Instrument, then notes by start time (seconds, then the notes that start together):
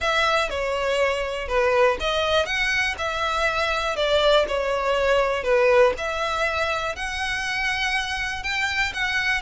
violin
0.00 E5
0.49 C#5
1.48 B4
2.00 D#5
2.45 F#5
2.98 E5
3.96 D5
4.48 C#5
5.43 B4
5.97 E5
6.95 F#5
8.43 G5
8.93 F#5